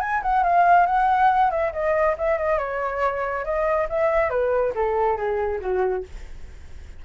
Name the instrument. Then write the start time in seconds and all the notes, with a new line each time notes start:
flute
0.00 G#5
0.22 F#5
0.43 F5
0.86 F#5
1.50 E5
1.72 D#5
2.17 E5
2.37 D#5
2.58 C#5
3.44 D#5
3.89 E5
4.29 B4
4.75 A4
5.16 G#4
5.60 F#4